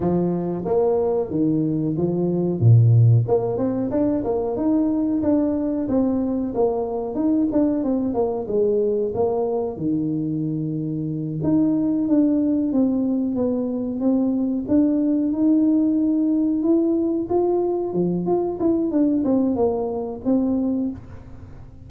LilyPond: \new Staff \with { instrumentName = "tuba" } { \time 4/4 \tempo 4 = 92 f4 ais4 dis4 f4 | ais,4 ais8 c'8 d'8 ais8 dis'4 | d'4 c'4 ais4 dis'8 d'8 | c'8 ais8 gis4 ais4 dis4~ |
dis4. dis'4 d'4 c'8~ | c'8 b4 c'4 d'4 dis'8~ | dis'4. e'4 f'4 f8 | f'8 e'8 d'8 c'8 ais4 c'4 | }